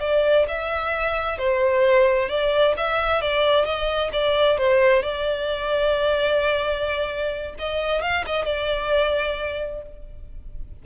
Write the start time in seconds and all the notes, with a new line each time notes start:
0.00 D5
0.48 E5
1.38 C5
2.29 D5
2.77 E5
3.21 D5
3.65 D#5
4.13 D5
4.58 C5
5.03 D5
7.58 D#5
8.02 F5
8.26 D#5
8.45 D5